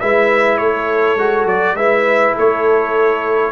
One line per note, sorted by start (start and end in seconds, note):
0.00 0.61 G#3
0.00 1.18 E4
0.00 0.59 B4
0.00 0.58 E5
0.58 1.17 A3
0.58 1.76 A4
0.58 1.46 C#5
1.17 1.45 G#3
1.17 1.77 F#4
1.45 1.74 F#3
1.45 1.76 D5
1.74 2.33 G#3
1.74 3.52 E4
1.74 2.34 B4
1.74 2.35 E5
2.34 3.52 A3
2.34 3.52 A4
2.34 3.52 C#5